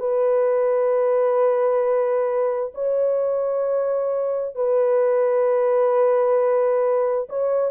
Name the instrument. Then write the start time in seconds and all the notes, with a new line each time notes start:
horn
0.00 B4
2.75 C#5
4.56 B4
7.30 C#5